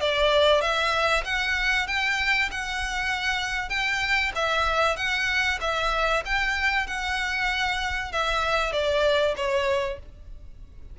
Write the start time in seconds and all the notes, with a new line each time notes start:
0.00 D5
0.61 E5
1.24 F#5
1.87 G5
2.51 F#5
3.69 G5
4.35 E5
4.96 F#5
5.61 E5
6.25 G5
6.87 F#5
8.12 E5
8.72 D5
9.36 C#5